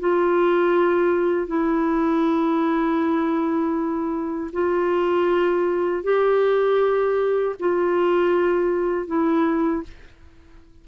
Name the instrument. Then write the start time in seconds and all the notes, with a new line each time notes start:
clarinet
0.00 F4
1.47 E4
4.53 F4
6.03 G4
7.60 F4
9.07 E4